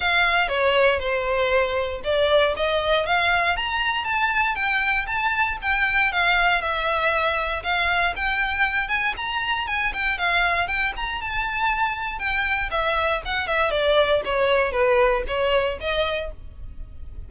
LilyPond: \new Staff \with { instrumentName = "violin" } { \time 4/4 \tempo 4 = 118 f''4 cis''4 c''2 | d''4 dis''4 f''4 ais''4 | a''4 g''4 a''4 g''4 | f''4 e''2 f''4 |
g''4. gis''8 ais''4 gis''8 g''8 | f''4 g''8 ais''8 a''2 | g''4 e''4 fis''8 e''8 d''4 | cis''4 b'4 cis''4 dis''4 | }